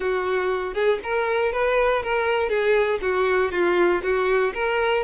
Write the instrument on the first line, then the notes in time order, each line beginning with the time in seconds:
violin
0.00 F#4
0.74 G#4
1.03 A#4
1.52 B4
2.02 A#4
2.49 G#4
3.01 F#4
3.51 F4
4.02 F#4
4.54 A#4